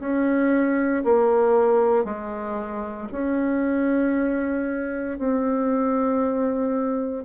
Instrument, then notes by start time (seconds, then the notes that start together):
bassoon
0.00 C#4
1.04 A#3
2.05 G#3
3.12 C#4
5.19 C4